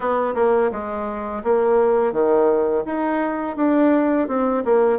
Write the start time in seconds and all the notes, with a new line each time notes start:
0.00 B3
0.34 A#3
0.71 G#3
1.43 A#3
2.12 D#3
2.85 D#4
3.56 D4
4.28 C4
4.64 A#3